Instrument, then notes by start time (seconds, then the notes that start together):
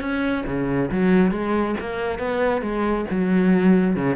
cello
0.00 C#4
0.46 C#3
0.91 F#3
1.31 G#3
1.80 A#3
2.19 B3
2.61 G#3
3.10 F#3
3.96 C#3